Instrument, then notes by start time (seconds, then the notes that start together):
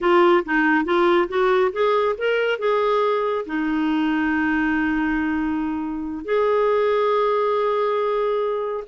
clarinet
0.01 F4
0.45 D#4
0.84 F4
1.28 F#4
1.72 G#4
2.18 A#4
2.58 G#4
3.46 D#4
6.25 G#4